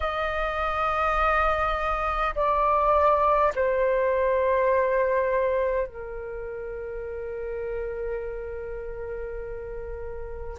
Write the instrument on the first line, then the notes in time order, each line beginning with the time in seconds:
flute
0.00 D#5
2.35 D5
3.55 C5
5.87 A#4